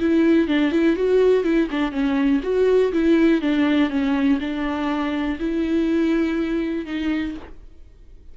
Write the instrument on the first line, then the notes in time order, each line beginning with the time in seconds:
viola
0.00 E4
0.48 D4
0.72 E4
0.96 F#4
1.44 E4
1.71 D4
1.92 C#4
2.43 F#4
2.93 E4
3.42 D4
3.90 C#4
4.40 D4
5.39 E4
6.86 D#4